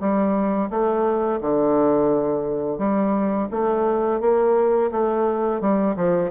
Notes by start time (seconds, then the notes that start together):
0.00 G3
0.70 A3
1.41 D3
2.78 G3
3.51 A3
4.21 A#3
4.92 A3
5.61 G3
5.96 F3